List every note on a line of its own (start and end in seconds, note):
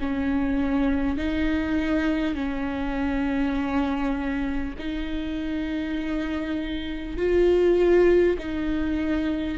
0.00 1.17 C#4
1.17 2.35 D#4
2.35 4.75 C#4
4.78 7.17 D#4
7.17 8.37 F4
8.38 9.58 D#4